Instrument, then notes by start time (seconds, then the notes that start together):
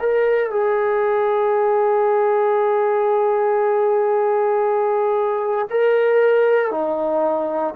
trombone
0.00 A#4
0.51 G#4
5.70 A#4
6.71 D#4